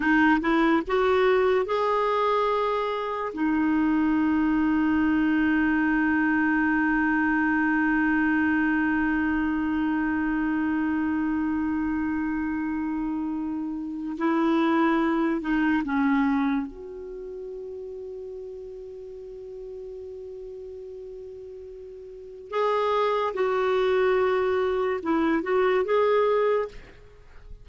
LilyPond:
\new Staff \with { instrumentName = "clarinet" } { \time 4/4 \tempo 4 = 72 dis'8 e'8 fis'4 gis'2 | dis'1~ | dis'1~ | dis'1~ |
dis'4 e'4. dis'8 cis'4 | fis'1~ | fis'2. gis'4 | fis'2 e'8 fis'8 gis'4 | }